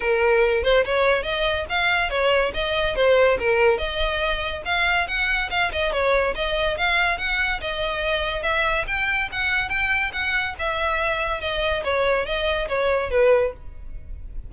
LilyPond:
\new Staff \with { instrumentName = "violin" } { \time 4/4 \tempo 4 = 142 ais'4. c''8 cis''4 dis''4 | f''4 cis''4 dis''4 c''4 | ais'4 dis''2 f''4 | fis''4 f''8 dis''8 cis''4 dis''4 |
f''4 fis''4 dis''2 | e''4 g''4 fis''4 g''4 | fis''4 e''2 dis''4 | cis''4 dis''4 cis''4 b'4 | }